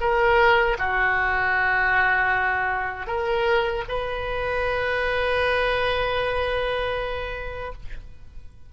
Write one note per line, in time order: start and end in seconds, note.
0.00 0.77 A#4
0.78 3.07 F#4
3.07 3.84 A#4
3.88 7.72 B4